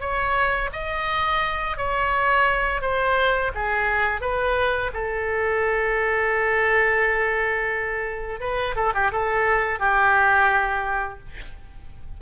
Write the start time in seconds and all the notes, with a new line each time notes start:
0.00 C#5
0.72 D#5
1.77 C#5
2.81 C5
3.54 G#4
4.21 B4
4.93 A4
8.40 B4
8.76 A4
8.94 G4
9.12 A4
9.79 G4